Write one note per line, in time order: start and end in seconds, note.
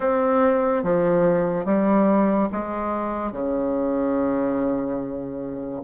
0.00 0.83 C4
0.83 1.65 F3
1.65 2.48 G3
2.52 3.31 G#3
3.31 5.81 C#3